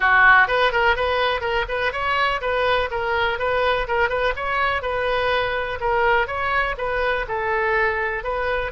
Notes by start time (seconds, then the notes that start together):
0.00 F#4
0.47 B4
0.71 A#4
0.96 B4
1.41 A#4
1.68 B4
1.92 C#5
2.41 B4
2.91 A#4
3.38 B4
3.87 A#4
4.09 B4
4.36 C#5
4.81 B4
5.80 A#4
6.27 C#5
6.77 B4
7.28 A4
8.23 B4